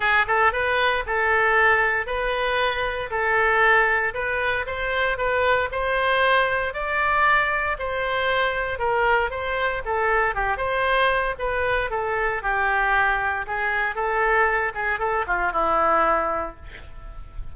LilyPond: \new Staff \with { instrumentName = "oboe" } { \time 4/4 \tempo 4 = 116 gis'8 a'8 b'4 a'2 | b'2 a'2 | b'4 c''4 b'4 c''4~ | c''4 d''2 c''4~ |
c''4 ais'4 c''4 a'4 | g'8 c''4. b'4 a'4 | g'2 gis'4 a'4~ | a'8 gis'8 a'8 f'8 e'2 | }